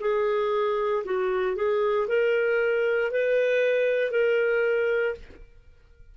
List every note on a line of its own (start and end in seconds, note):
0.00 1.03 G#4
1.04 1.56 F#4
1.56 2.07 G#4
2.08 3.11 A#4
3.11 4.11 B4
4.11 5.14 A#4